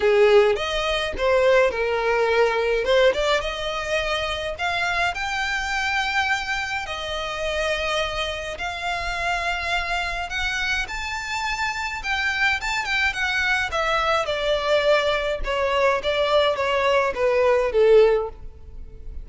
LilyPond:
\new Staff \with { instrumentName = "violin" } { \time 4/4 \tempo 4 = 105 gis'4 dis''4 c''4 ais'4~ | ais'4 c''8 d''8 dis''2 | f''4 g''2. | dis''2. f''4~ |
f''2 fis''4 a''4~ | a''4 g''4 a''8 g''8 fis''4 | e''4 d''2 cis''4 | d''4 cis''4 b'4 a'4 | }